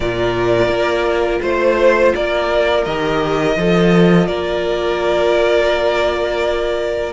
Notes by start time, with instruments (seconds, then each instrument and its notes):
0.00 cello A#2, viola F4, violin A#4 D5
0.68 cello A#3
1.41 cello A3, violin C5
2.15 cello A#3, violin A#4 D5
2.84 cello D#3, viola G4, violin D#5
3.56 cello F3, viola F4, violin A4
4.27 cello A#3, violin A#4 D5